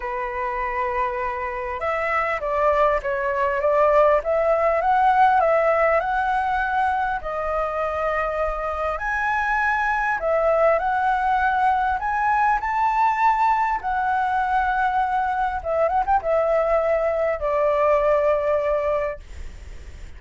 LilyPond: \new Staff \with { instrumentName = "flute" } { \time 4/4 \tempo 4 = 100 b'2. e''4 | d''4 cis''4 d''4 e''4 | fis''4 e''4 fis''2 | dis''2. gis''4~ |
gis''4 e''4 fis''2 | gis''4 a''2 fis''4~ | fis''2 e''8 fis''16 g''16 e''4~ | e''4 d''2. | }